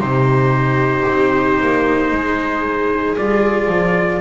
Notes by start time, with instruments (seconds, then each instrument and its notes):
0.00 double bass C3, cello D#4, viola G4, trumpet C5
1.09 double bass C4
1.61 double bass A#3
2.12 double bass G#3, viola G#4
3.17 double bass G3, cello F4, trumpet D5
3.69 double bass F3